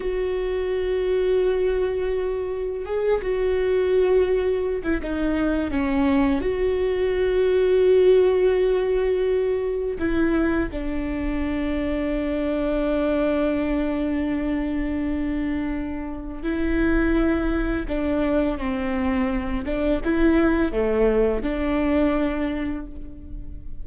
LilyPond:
\new Staff \with { instrumentName = "viola" } { \time 4/4 \tempo 4 = 84 fis'1 | gis'8 fis'2~ fis'16 e'16 dis'4 | cis'4 fis'2.~ | fis'2 e'4 d'4~ |
d'1~ | d'2. e'4~ | e'4 d'4 c'4. d'8 | e'4 a4 d'2 | }